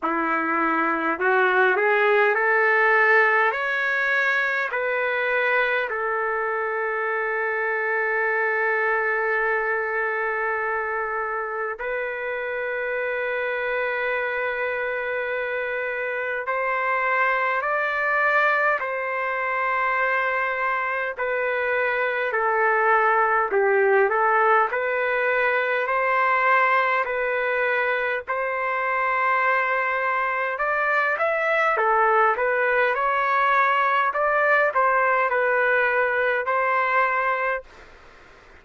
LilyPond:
\new Staff \with { instrumentName = "trumpet" } { \time 4/4 \tempo 4 = 51 e'4 fis'8 gis'8 a'4 cis''4 | b'4 a'2.~ | a'2 b'2~ | b'2 c''4 d''4 |
c''2 b'4 a'4 | g'8 a'8 b'4 c''4 b'4 | c''2 d''8 e''8 a'8 b'8 | cis''4 d''8 c''8 b'4 c''4 | }